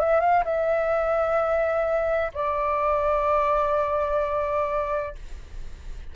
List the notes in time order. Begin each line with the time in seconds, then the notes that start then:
0.00 E5
0.20 F5
0.45 E5
2.34 D5